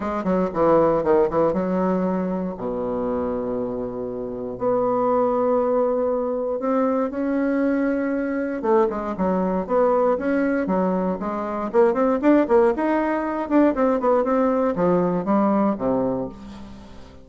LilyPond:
\new Staff \with { instrumentName = "bassoon" } { \time 4/4 \tempo 4 = 118 gis8 fis8 e4 dis8 e8 fis4~ | fis4 b,2.~ | b,4 b2.~ | b4 c'4 cis'2~ |
cis'4 a8 gis8 fis4 b4 | cis'4 fis4 gis4 ais8 c'8 | d'8 ais8 dis'4. d'8 c'8 b8 | c'4 f4 g4 c4 | }